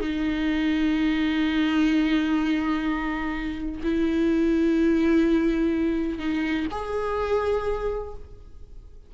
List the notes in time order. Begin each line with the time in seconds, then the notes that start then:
0.00 D#4
3.83 E4
6.18 D#4
6.71 G#4